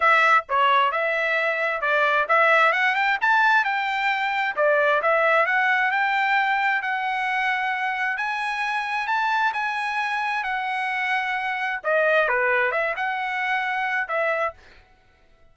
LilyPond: \new Staff \with { instrumentName = "trumpet" } { \time 4/4 \tempo 4 = 132 e''4 cis''4 e''2 | d''4 e''4 fis''8 g''8 a''4 | g''2 d''4 e''4 | fis''4 g''2 fis''4~ |
fis''2 gis''2 | a''4 gis''2 fis''4~ | fis''2 dis''4 b'4 | e''8 fis''2~ fis''8 e''4 | }